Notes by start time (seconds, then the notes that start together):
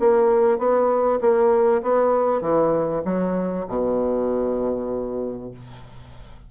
0.00 A#3
0.58 B3
1.21 A#3
1.83 B3
2.42 E3
3.05 F#3
3.68 B2